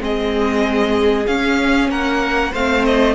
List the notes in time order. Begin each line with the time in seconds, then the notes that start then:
0.00 G#3 C4 G#4 D#5
1.27 C#4 F5
1.89 A#3 A#4 F#5
2.52 A3 C4 C5 F5
2.85 D#5